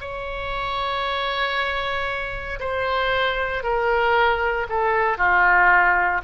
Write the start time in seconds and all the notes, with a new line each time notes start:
0.00 C#5
2.59 C5
3.63 A#4
4.69 A4
5.17 F4